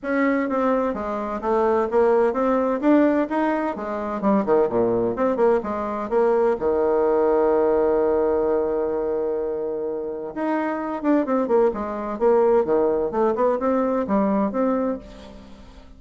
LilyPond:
\new Staff \with { instrumentName = "bassoon" } { \time 4/4 \tempo 4 = 128 cis'4 c'4 gis4 a4 | ais4 c'4 d'4 dis'4 | gis4 g8 dis8 ais,4 c'8 ais8 | gis4 ais4 dis2~ |
dis1~ | dis2 dis'4. d'8 | c'8 ais8 gis4 ais4 dis4 | a8 b8 c'4 g4 c'4 | }